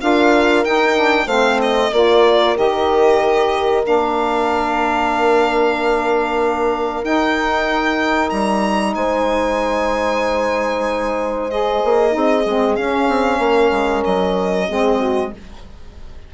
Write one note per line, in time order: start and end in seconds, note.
0.00 0.65 D4
0.00 0.64 F4
0.00 1.26 A#4
0.00 0.64 F5
0.64 0.95 D#4
0.64 1.26 D#4
0.64 1.27 G5
0.95 1.27 D4
1.26 1.90 A3
1.26 1.92 C4
1.26 1.90 C5
1.26 1.59 F5
1.61 1.93 D#5
1.92 2.56 A#3
1.92 2.55 F4
1.92 8.95 A#4
1.92 2.57 D5
2.55 3.85 D#3
2.55 3.83 G4
2.55 3.85 D#5
3.83 7.03 A#3
3.83 7.02 D4
3.83 7.04 F5
7.03 11.50 D#4
7.03 8.31 D#4
7.03 8.29 G5
8.29 8.95 G3
8.29 8.93 A#5
8.95 11.82 G#3
8.95 12.14 C5
8.95 11.50 G#5
11.50 12.10 G#4
11.50 12.76 D#5
11.84 12.15 A#3
12.10 12.45 C4
12.10 12.41 D#4
12.10 13.40 G#4
12.45 12.77 G#3
12.45 12.79 C4
12.76 13.08 C#4
12.76 14.69 C#4
12.76 14.03 F5
13.08 13.39 C4
13.39 13.71 A#3
13.39 14.68 A#4
13.72 14.03 G#3
14.04 14.69 F#3
14.04 15.32 D#5
14.68 15.33 G#3
14.68 15.32 C4
14.68 14.99 G#4
14.99 15.31 F#4